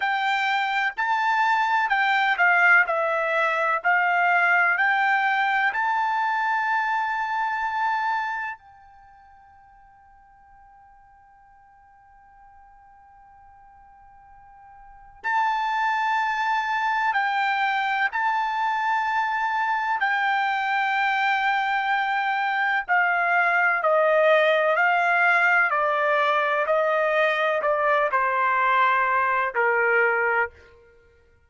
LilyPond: \new Staff \with { instrumentName = "trumpet" } { \time 4/4 \tempo 4 = 63 g''4 a''4 g''8 f''8 e''4 | f''4 g''4 a''2~ | a''4 g''2.~ | g''1 |
a''2 g''4 a''4~ | a''4 g''2. | f''4 dis''4 f''4 d''4 | dis''4 d''8 c''4. ais'4 | }